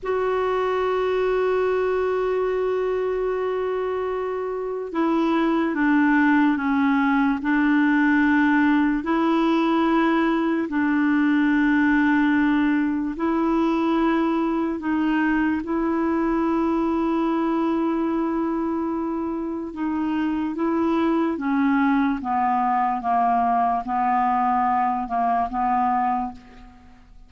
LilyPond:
\new Staff \with { instrumentName = "clarinet" } { \time 4/4 \tempo 4 = 73 fis'1~ | fis'2 e'4 d'4 | cis'4 d'2 e'4~ | e'4 d'2. |
e'2 dis'4 e'4~ | e'1 | dis'4 e'4 cis'4 b4 | ais4 b4. ais8 b4 | }